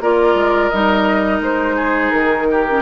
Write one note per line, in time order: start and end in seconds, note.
0.00 0.34 A#3
0.00 0.72 F4
0.00 1.76 A#4
0.00 0.69 D5
0.34 0.69 G#3
0.69 1.40 G3
0.69 2.66 D#4
0.69 1.40 D#5
1.40 2.11 G#3
1.40 2.11 C5
1.76 2.46 G#4
2.11 2.81 D#3
2.11 2.81 A#4
2.50 2.81 G4
2.68 2.81 C#4